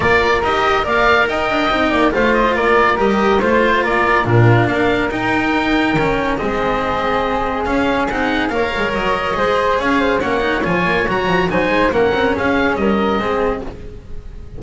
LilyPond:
<<
  \new Staff \with { instrumentName = "oboe" } { \time 4/4 \tempo 4 = 141 d''4 dis''4 f''4 g''4~ | g''4 f''8 dis''8 d''4 dis''4 | c''4 d''4 ais'4 f''4 | g''2. dis''4~ |
dis''2 f''4 fis''4 | f''4 dis''2 f''4 | fis''4 gis''4 ais''4 gis''4 | fis''4 f''4 dis''2 | }
  \new Staff \with { instrumentName = "flute" } { \time 4/4 ais'2 d''4 dis''4~ | dis''8 d''8 c''4 ais'2 | c''4 ais'4 f'4 ais'4~ | ais'2. gis'4~ |
gis'1 | cis''2 c''4 cis''8 c''8 | cis''2. c''4 | ais'4 gis'4 ais'4 gis'4 | }
  \new Staff \with { instrumentName = "cello" } { \time 4/4 f'4 g'4 ais'2 | dis'4 f'2 g'4 | f'2 d'2 | dis'2 cis'4 c'4~ |
c'2 cis'4 dis'4 | ais'2 gis'2 | cis'8 dis'8 f'4 fis'4 dis'4 | cis'2. c'4 | }
  \new Staff \with { instrumentName = "double bass" } { \time 4/4 ais4 dis'4 ais4 dis'8 d'8 | c'8 ais8 a4 ais4 g4 | a4 ais4 ais,4 ais4 | dis'2 dis4 gis4~ |
gis2 cis'4 c'4 | ais8 gis8 fis4 gis4 cis'4 | ais4 f8 ais8 fis8 f8 fis8 gis8 | ais8 c'8 cis'4 g4 gis4 | }
>>